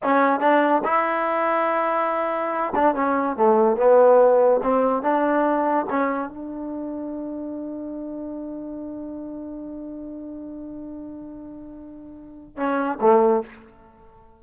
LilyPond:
\new Staff \with { instrumentName = "trombone" } { \time 4/4 \tempo 4 = 143 cis'4 d'4 e'2~ | e'2~ e'8 d'8 cis'4 | a4 b2 c'4 | d'2 cis'4 d'4~ |
d'1~ | d'1~ | d'1~ | d'2 cis'4 a4 | }